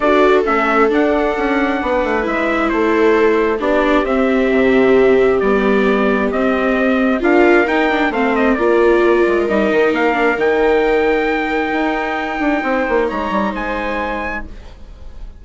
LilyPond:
<<
  \new Staff \with { instrumentName = "trumpet" } { \time 4/4 \tempo 4 = 133 d''4 e''4 fis''2~ | fis''4 e''4 c''2 | d''4 e''2. | d''2 dis''2 |
f''4 g''4 f''8 dis''8 d''4~ | d''4 dis''4 f''4 g''4~ | g''1~ | g''4 ais''4 gis''2 | }
  \new Staff \with { instrumentName = "viola" } { \time 4/4 a'1 | b'2 a'2 | g'1~ | g'1 |
ais'2 c''4 ais'4~ | ais'1~ | ais'1 | c''4 cis''4 c''2 | }
  \new Staff \with { instrumentName = "viola" } { \time 4/4 fis'4 cis'4 d'2~ | d'4 e'2. | d'4 c'2. | b2 c'2 |
f'4 dis'8 d'8 c'4 f'4~ | f'4 dis'4. d'8 dis'4~ | dis'1~ | dis'1 | }
  \new Staff \with { instrumentName = "bassoon" } { \time 4/4 d'4 a4 d'4 cis'4 | b8 a8 gis4 a2 | b4 c'4 c2 | g2 c'2 |
d'4 dis'4 a4 ais4~ | ais8 gis8 g8 dis8 ais4 dis4~ | dis2 dis'4. d'8 | c'8 ais8 gis8 g8 gis2 | }
>>